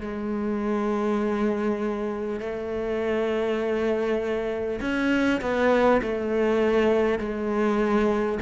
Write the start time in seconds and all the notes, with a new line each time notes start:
0.00 G#3
2.39 A3
4.81 C#4
5.41 B3
6.02 A3
7.18 G#3